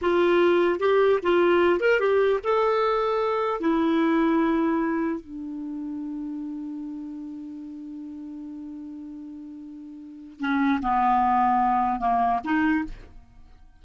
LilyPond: \new Staff \with { instrumentName = "clarinet" } { \time 4/4 \tempo 4 = 150 f'2 g'4 f'4~ | f'8 ais'8 g'4 a'2~ | a'4 e'2.~ | e'4 d'2.~ |
d'1~ | d'1~ | d'2 cis'4 b4~ | b2 ais4 dis'4 | }